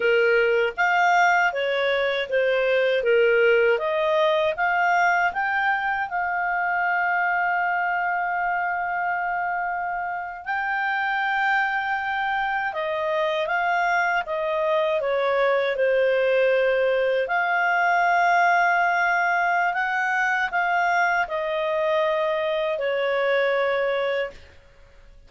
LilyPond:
\new Staff \with { instrumentName = "clarinet" } { \time 4/4 \tempo 4 = 79 ais'4 f''4 cis''4 c''4 | ais'4 dis''4 f''4 g''4 | f''1~ | f''4.~ f''16 g''2~ g''16~ |
g''8. dis''4 f''4 dis''4 cis''16~ | cis''8. c''2 f''4~ f''16~ | f''2 fis''4 f''4 | dis''2 cis''2 | }